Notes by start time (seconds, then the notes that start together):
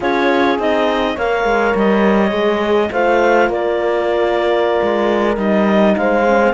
0.00 C#4 F4 G#4 C#5
0.58 C4 D#4 D#5
1.14 A#3 A#4 C#5 F5
1.44 G#3
1.75 G3 D#5
2.30 G#3 G#4
2.91 A3 F4 C5 F5
3.49 A#3 A#4 D5
4.82 G#3
5.36 G3 D#4 D#5
5.96 G#3 C5 F5
6.26 C#4
6.43 C4